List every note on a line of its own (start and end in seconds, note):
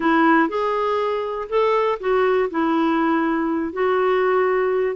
0.00 0.48 E4
0.48 1.47 G#4
1.49 1.98 A4
2.00 2.49 F#4
2.50 3.72 E4
3.72 4.95 F#4